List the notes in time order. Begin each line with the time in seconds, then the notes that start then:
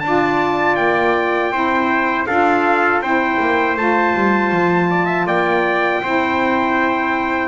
0.00 D4 F4 A5
0.07 D5
0.75 A#3 G5
1.52 C4 E4 C5
2.26 D4 F4 A4 F5
3.01 C4 E4 C5 G5
3.40 A#3
3.76 A3 F4 A5
4.14 G3
4.52 F3
4.90 D5
5.06 E5
5.26 A#3 D5 G5
6.03 C4 E4 C5